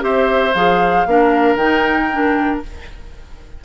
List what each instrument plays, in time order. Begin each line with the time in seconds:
0.00 bassoon C4, clarinet G4, oboe C5, flute E5
0.54 bassoon F3, clarinet G#4, flute F5
1.07 bassoon A#3, clarinet D4, oboe A#4
1.56 bassoon D#3, clarinet D#4, flute G5
2.11 clarinet D4